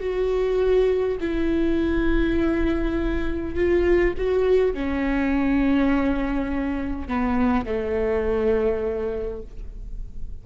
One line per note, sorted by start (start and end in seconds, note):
0.00 1.18 F#4
1.21 3.56 E4
3.56 4.14 F4
4.18 4.74 F#4
4.74 7.08 C#4
7.08 7.66 B3
7.66 9.42 A3